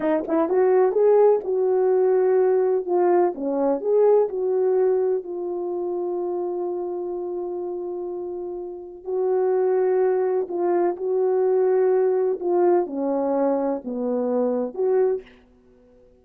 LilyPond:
\new Staff \with { instrumentName = "horn" } { \time 4/4 \tempo 4 = 126 dis'8 e'8 fis'4 gis'4 fis'4~ | fis'2 f'4 cis'4 | gis'4 fis'2 f'4~ | f'1~ |
f'2. fis'4~ | fis'2 f'4 fis'4~ | fis'2 f'4 cis'4~ | cis'4 b2 fis'4 | }